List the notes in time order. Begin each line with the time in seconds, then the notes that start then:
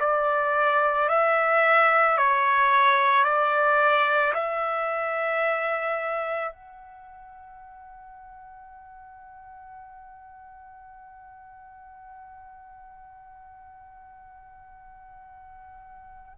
0.00 D5
1.09 E5
2.18 C#5
3.24 D5
4.34 E5
6.53 F#5